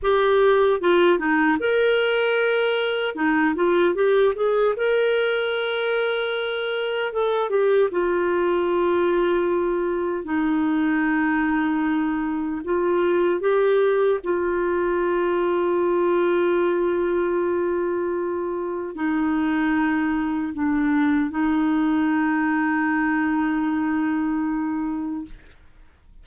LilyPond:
\new Staff \with { instrumentName = "clarinet" } { \time 4/4 \tempo 4 = 76 g'4 f'8 dis'8 ais'2 | dis'8 f'8 g'8 gis'8 ais'2~ | ais'4 a'8 g'8 f'2~ | f'4 dis'2. |
f'4 g'4 f'2~ | f'1 | dis'2 d'4 dis'4~ | dis'1 | }